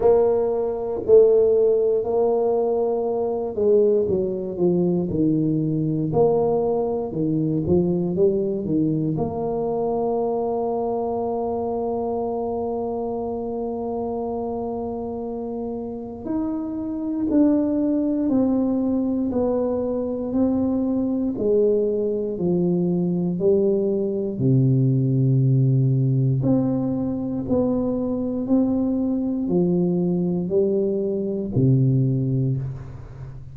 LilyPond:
\new Staff \with { instrumentName = "tuba" } { \time 4/4 \tempo 4 = 59 ais4 a4 ais4. gis8 | fis8 f8 dis4 ais4 dis8 f8 | g8 dis8 ais2.~ | ais1 |
dis'4 d'4 c'4 b4 | c'4 gis4 f4 g4 | c2 c'4 b4 | c'4 f4 g4 c4 | }